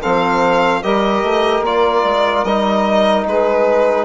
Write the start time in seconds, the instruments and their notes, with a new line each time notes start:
0.00 bassoon F3, trombone C4, saxophone A4, violin F5
0.82 bassoon G3, trombone G4, saxophone A#4, violin D#5
1.23 bassoon A3
1.60 bassoon A#3, trombone F4, violin D5
2.05 bassoon G#3
2.44 bassoon G3, trombone D#4, violin D#5
3.26 bassoon G#3, saxophone G#4, violin B4